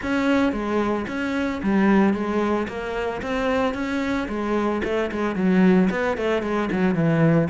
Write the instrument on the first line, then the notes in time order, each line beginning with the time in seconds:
cello
0.02 C#4
0.52 G#3
1.07 C#4
1.62 G3
2.13 G#3
2.68 A#3
3.21 C4
3.74 C#4
4.28 G#3
4.84 A3
5.11 G#3
5.35 F#3
5.90 B3
6.17 A3
6.42 G#3
6.71 F#3
6.94 E3